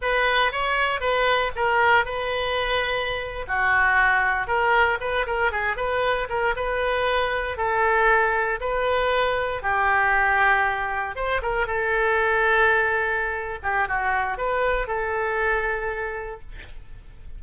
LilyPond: \new Staff \with { instrumentName = "oboe" } { \time 4/4 \tempo 4 = 117 b'4 cis''4 b'4 ais'4 | b'2~ b'8. fis'4~ fis'16~ | fis'8. ais'4 b'8 ais'8 gis'8 b'8.~ | b'16 ais'8 b'2 a'4~ a'16~ |
a'8. b'2 g'4~ g'16~ | g'4.~ g'16 c''8 ais'8 a'4~ a'16~ | a'2~ a'8 g'8 fis'4 | b'4 a'2. | }